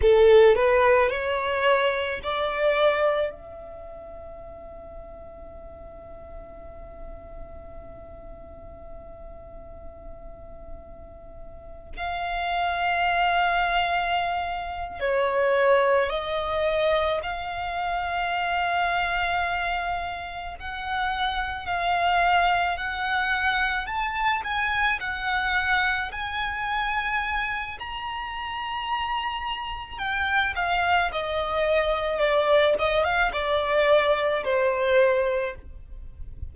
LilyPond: \new Staff \with { instrumentName = "violin" } { \time 4/4 \tempo 4 = 54 a'8 b'8 cis''4 d''4 e''4~ | e''1~ | e''2~ e''8. f''4~ f''16~ | f''4. cis''4 dis''4 f''8~ |
f''2~ f''8 fis''4 f''8~ | f''8 fis''4 a''8 gis''8 fis''4 gis''8~ | gis''4 ais''2 g''8 f''8 | dis''4 d''8 dis''16 f''16 d''4 c''4 | }